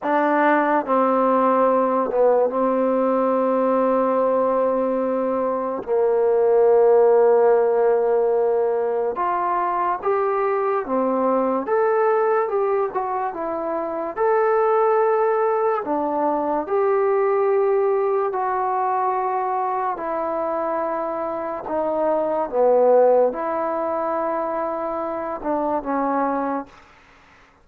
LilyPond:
\new Staff \with { instrumentName = "trombone" } { \time 4/4 \tempo 4 = 72 d'4 c'4. b8 c'4~ | c'2. ais4~ | ais2. f'4 | g'4 c'4 a'4 g'8 fis'8 |
e'4 a'2 d'4 | g'2 fis'2 | e'2 dis'4 b4 | e'2~ e'8 d'8 cis'4 | }